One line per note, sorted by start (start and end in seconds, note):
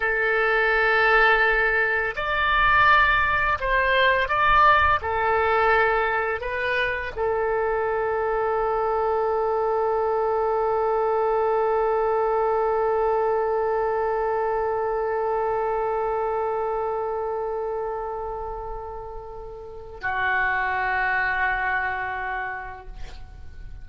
0.00 2.14 A4
2.15 3.58 D5
3.59 4.28 C5
4.28 4.99 D5
5.01 6.40 A4
6.40 7.12 B4
7.16 20.01 A4
20.01 22.86 F#4